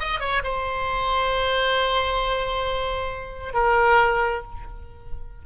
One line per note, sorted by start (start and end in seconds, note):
0.00 0.20 D#5
0.20 0.43 C#5
0.44 3.54 C5
3.54 4.43 A#4